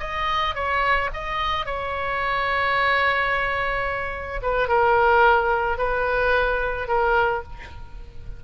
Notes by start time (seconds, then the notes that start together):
0.00 D#5
0.55 C#5
1.14 D#5
1.66 C#5
4.42 B4
4.68 A#4
5.78 B4
6.88 A#4